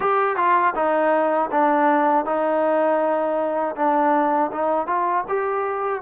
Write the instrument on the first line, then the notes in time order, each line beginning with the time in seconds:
trombone
0.00 G4
0.36 F4
0.75 D#4
1.51 D4
2.25 D#4
3.75 D4
4.52 D#4
4.86 F4
5.28 G4